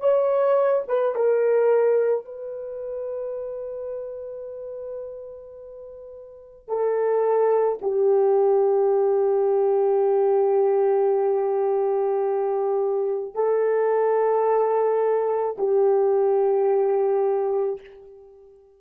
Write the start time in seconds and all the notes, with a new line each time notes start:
0.00 C#5
0.88 B4
1.16 A#4
2.25 B4
6.69 A4
7.82 G4
13.35 A4
15.59 G4